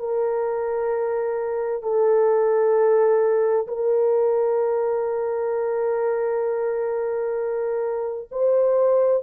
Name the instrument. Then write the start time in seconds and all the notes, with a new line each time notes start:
horn
0.00 A#4
1.83 A4
3.68 A#4
8.32 C5